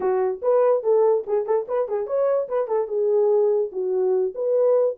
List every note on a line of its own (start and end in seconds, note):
0.00 0.40 F#4
0.42 0.83 B4
0.83 1.24 A4
1.27 1.45 G#4
1.45 1.66 A4
1.68 1.88 B4
1.88 2.06 G#4
2.06 2.48 C#5
2.48 2.67 B4
2.67 2.87 A4
2.87 3.70 G#4
3.71 4.34 F#4
4.34 4.96 B4